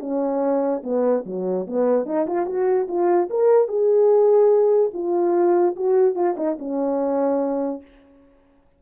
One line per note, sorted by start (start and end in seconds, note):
0.00 0.82 C#4
0.83 1.25 B3
1.26 1.67 F#3
1.67 2.06 B3
2.06 2.26 D#4
2.27 2.46 F4
2.46 2.87 F#4
2.88 3.29 F4
3.30 3.68 A#4
3.68 4.91 G#4
4.94 5.76 F4
5.76 6.15 F#4
6.15 6.36 F4
6.37 6.57 D#4
6.59 7.82 C#4